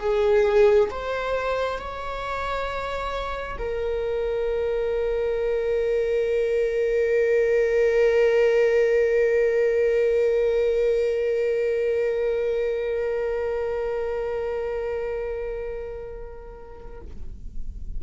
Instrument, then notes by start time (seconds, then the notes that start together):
viola
0.00 G#4
0.90 C5
1.78 C#5
3.58 A#4